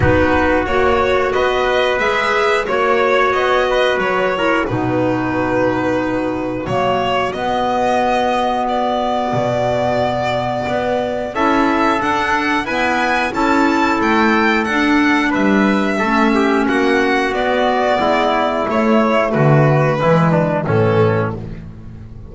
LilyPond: <<
  \new Staff \with { instrumentName = "violin" } { \time 4/4 \tempo 4 = 90 b'4 cis''4 dis''4 e''4 | cis''4 dis''4 cis''4 b'4~ | b'2 cis''4 dis''4~ | dis''4 d''2.~ |
d''4 e''4 fis''4 gis''4 | a''4 g''4 fis''4 e''4~ | e''4 fis''4 d''2 | cis''4 b'2 a'4 | }
  \new Staff \with { instrumentName = "trumpet" } { \time 4/4 fis'2 b'2 | cis''4. b'4 ais'8 fis'4~ | fis'1~ | fis'1~ |
fis'4 a'2 b'4 | a'2. b'4 | a'8 g'8 fis'2 e'4~ | e'4 fis'4 e'8 d'8 cis'4 | }
  \new Staff \with { instrumentName = "clarinet" } { \time 4/4 dis'4 fis'2 gis'4 | fis'2~ fis'8 e'8 dis'4~ | dis'2 ais4 b4~ | b1~ |
b4 e'4 d'4 b4 | e'2 d'2 | cis'2 b2 | a2 gis4 e4 | }
  \new Staff \with { instrumentName = "double bass" } { \time 4/4 b4 ais4 b4 gis4 | ais4 b4 fis4 b,4~ | b,2 fis4 b4~ | b2 b,2 |
b4 cis'4 d'4 e'4 | cis'4 a4 d'4 g4 | a4 ais4 b4 gis4 | a4 d4 e4 a,4 | }
>>